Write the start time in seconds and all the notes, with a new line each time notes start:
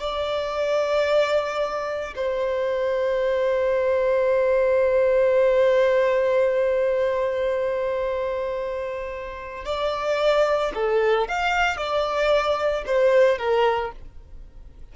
0.00 D5
2.15 C5
9.65 D5
10.75 A4
11.28 F5
11.77 D5
12.86 C5
13.38 A#4